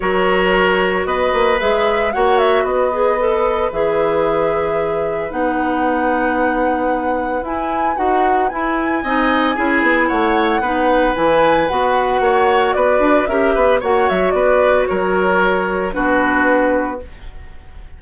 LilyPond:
<<
  \new Staff \with { instrumentName = "flute" } { \time 4/4 \tempo 4 = 113 cis''2 dis''4 e''4 | fis''8 e''8 dis''2 e''4~ | e''2 fis''2~ | fis''2 gis''4 fis''4 |
gis''2. fis''4~ | fis''4 gis''4 fis''2 | d''4 e''4 fis''8 e''8 d''4 | cis''2 b'2 | }
  \new Staff \with { instrumentName = "oboe" } { \time 4/4 ais'2 b'2 | cis''4 b'2.~ | b'1~ | b'1~ |
b'4 dis''4 gis'4 cis''4 | b'2. cis''4 | b'4 ais'8 b'8 cis''4 b'4 | ais'2 fis'2 | }
  \new Staff \with { instrumentName = "clarinet" } { \time 4/4 fis'2. gis'4 | fis'4. gis'8 a'4 gis'4~ | gis'2 dis'2~ | dis'2 e'4 fis'4 |
e'4 dis'4 e'2 | dis'4 e'4 fis'2~ | fis'4 g'4 fis'2~ | fis'2 d'2 | }
  \new Staff \with { instrumentName = "bassoon" } { \time 4/4 fis2 b8 ais8 gis4 | ais4 b2 e4~ | e2 b2~ | b2 e'4 dis'4 |
e'4 c'4 cis'8 b8 a4 | b4 e4 b4 ais4 | b8 d'8 cis'8 b8 ais8 fis8 b4 | fis2 b2 | }
>>